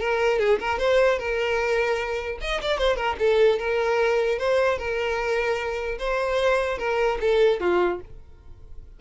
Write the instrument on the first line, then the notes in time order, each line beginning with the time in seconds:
violin
0.00 A#4
0.39 G#4
0.60 A#4
0.79 C5
1.19 A#4
2.41 D#5
2.62 D5
2.79 C5
2.97 A#4
3.20 A4
3.60 A#4
4.39 C5
4.79 A#4
5.99 C5
6.79 A#4
7.21 A4
7.61 F4